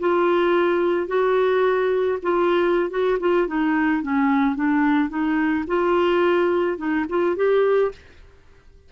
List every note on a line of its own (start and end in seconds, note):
0.00 1.08 F4
1.08 2.19 F#4
2.23 2.90 F4
2.90 3.18 F#4
3.20 3.47 F4
3.47 4.03 D#4
4.03 4.56 C#4
4.56 5.10 D4
5.10 5.65 D#4
5.67 6.78 F4
6.78 7.06 D#4
7.10 7.36 F4
7.36 7.92 G4